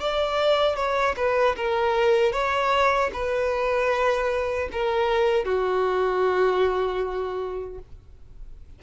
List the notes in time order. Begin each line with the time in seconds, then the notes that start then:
0.00 D5
0.76 C#5
1.17 B4
1.57 A#4
2.32 C#5
3.13 B4
4.72 A#4
5.45 F#4